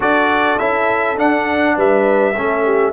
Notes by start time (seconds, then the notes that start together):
0.00 D4 F#4 A4 D5
0.58 C#4 E4 E5
1.16 D4 F#5
1.75 G3 B4 E5
2.34 A3 C#4 A4
2.64 G4